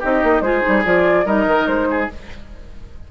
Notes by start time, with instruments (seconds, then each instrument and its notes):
0.00 bassoon C4, clarinet D#4, oboe G4, flute D#5
0.24 bassoon A#3
0.41 bassoon G#3, clarinet F4, oboe G#4, flute C5
0.61 clarinet D#4
0.68 bassoon G3
0.85 bassoon F3, clarinet F4, flute D5
1.25 bassoon G3, clarinet D#4, oboe A#4, flute D#5
1.47 bassoon D#3
1.67 bassoon G#3, flute C5
1.91 oboe G#4